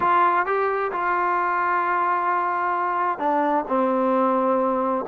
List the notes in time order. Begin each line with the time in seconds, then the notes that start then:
0.00 F4
0.45 G4
0.92 F4
3.19 D4
3.67 C4